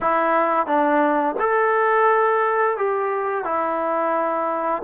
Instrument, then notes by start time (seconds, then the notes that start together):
trombone
0.01 E4
0.66 D4
1.39 A4
2.77 G4
3.44 E4